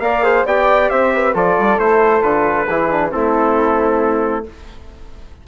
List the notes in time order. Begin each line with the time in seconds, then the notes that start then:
0.00 A#3 A#4 D5 F5
0.23 G#4 C5
0.46 B3 G4 D5 G5
0.90 C4 C5 E5
1.14 B4
1.35 F3 F4 A4 D5
1.59 G3
1.78 A3 E4 C5
2.22 D3 F4 B4
2.68 E3 E4 G#4
2.91 D4
3.11 A3 C4 E4 A4